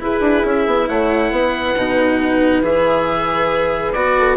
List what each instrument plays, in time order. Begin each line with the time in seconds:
0.00 cello E4, bassoon E4, horn G#4, oboe B4
0.20 bassoon D4
0.45 bassoon C#4, oboe E5
0.66 bassoon B3
0.88 bassoon A3, horn C#5, oboe F#5
1.31 bassoon B3, horn B4
1.76 bassoon B2, cello D#4
2.62 bassoon E3, cello G#4, oboe E5
3.93 bassoon B3, cello F#4, oboe D5
4.18 horn A4